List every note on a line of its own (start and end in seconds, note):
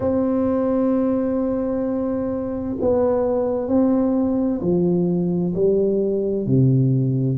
0.00 2.76 C4
2.80 3.68 B3
3.68 4.60 C4
4.61 5.53 F3
5.54 6.46 G3
6.46 7.38 C3